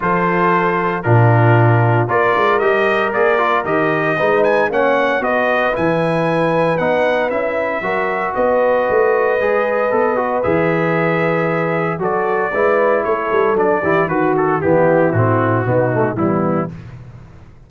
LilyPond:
<<
  \new Staff \with { instrumentName = "trumpet" } { \time 4/4 \tempo 4 = 115 c''2 ais'2 | d''4 dis''4 d''4 dis''4~ | dis''8 gis''8 fis''4 dis''4 gis''4~ | gis''4 fis''4 e''2 |
dis''1 | e''2. d''4~ | d''4 cis''4 d''4 b'8 a'8 | g'4 fis'2 e'4 | }
  \new Staff \with { instrumentName = "horn" } { \time 4/4 a'2 f'2 | ais'1 | b'4 cis''4 b'2~ | b'2. ais'4 |
b'1~ | b'2. a'4 | b'4 a'4. g'8 fis'4 | e'2 dis'4 b4 | }
  \new Staff \with { instrumentName = "trombone" } { \time 4/4 f'2 d'2 | f'4 g'4 gis'8 f'8 g'4 | dis'4 cis'4 fis'4 e'4~ | e'4 dis'4 e'4 fis'4~ |
fis'2 gis'4 a'8 fis'8 | gis'2. fis'4 | e'2 d'8 e'8 fis'4 | b4 c'4 b8 a8 g4 | }
  \new Staff \with { instrumentName = "tuba" } { \time 4/4 f2 ais,2 | ais8 gis8 g4 ais4 dis4 | gis4 ais4 b4 e4~ | e4 b4 cis'4 fis4 |
b4 a4 gis4 b4 | e2. fis4 | gis4 a8 g8 fis8 e8 dis4 | e4 a,4 b,4 e4 | }
>>